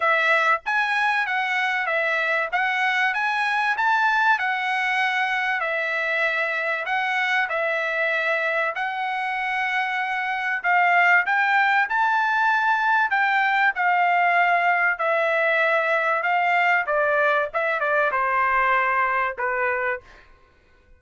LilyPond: \new Staff \with { instrumentName = "trumpet" } { \time 4/4 \tempo 4 = 96 e''4 gis''4 fis''4 e''4 | fis''4 gis''4 a''4 fis''4~ | fis''4 e''2 fis''4 | e''2 fis''2~ |
fis''4 f''4 g''4 a''4~ | a''4 g''4 f''2 | e''2 f''4 d''4 | e''8 d''8 c''2 b'4 | }